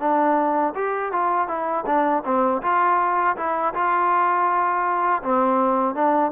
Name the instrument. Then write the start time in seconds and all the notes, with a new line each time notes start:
trombone
0.00 D4
0.75 G4
1.13 F4
1.48 E4
1.87 D4
2.25 C4
2.63 F4
3.37 E4
3.75 F4
5.23 C4
5.96 D4